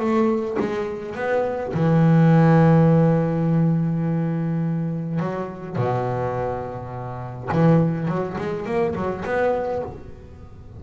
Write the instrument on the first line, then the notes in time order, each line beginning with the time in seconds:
double bass
0.00 A3
0.60 G#3
1.15 B3
1.74 E3
5.20 F#3
5.77 B2
7.52 E3
8.08 F#3
8.38 G#3
8.66 A#3
8.96 F#3
9.25 B3